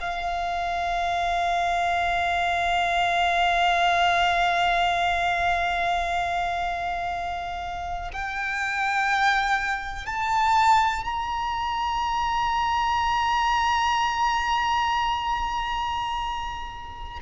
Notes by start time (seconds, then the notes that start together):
0.00 F5
8.12 G5
10.06 A5
11.04 A#5